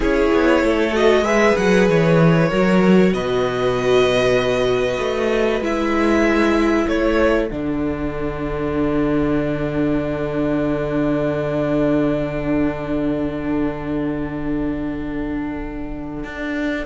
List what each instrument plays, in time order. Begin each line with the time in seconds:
0.00 cello C#4, viola E4, violin G#4 C#5
0.33 cello B3
0.62 cello A3, violin A4
0.92 viola F#4, violin D#5
1.21 cello G#3, viola G#4, violin B4 E5
1.56 cello F#3, violin F#5
1.88 cello E3, violin C#5
2.48 cello F#3, viola F#4, violin A#4
3.13 cello B2, violin B4 D#5
4.98 cello A3
5.60 cello G#3, viola E4, violin E5
6.86 cello A3, violin A4 C#5
7.48 cello D3, viola D4, violin F#5
16.23 cello D4